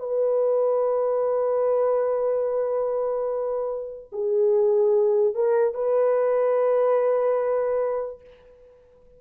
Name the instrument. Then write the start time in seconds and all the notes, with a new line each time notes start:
horn
0.00 B4
4.12 G#4
5.35 A#4
5.75 B4